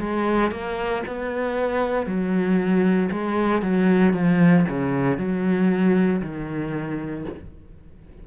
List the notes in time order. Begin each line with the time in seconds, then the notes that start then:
0.00 G#3
0.52 A#3
1.07 B3
2.06 F#3
3.12 G#3
3.63 F#3
4.14 F3
4.69 C#3
5.18 F#3
6.22 D#3